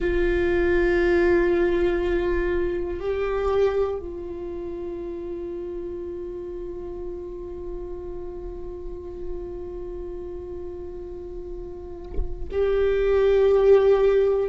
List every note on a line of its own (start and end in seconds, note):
0.00 3.00 F4
3.00 3.99 G4
3.99 12.49 F4
12.51 14.49 G4